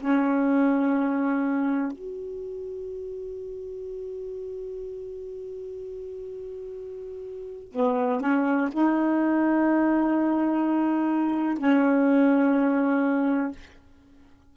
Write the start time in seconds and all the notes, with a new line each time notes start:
0.00 C#4
1.92 F#4
7.72 B3
8.20 C#4
8.72 D#4
11.58 C#4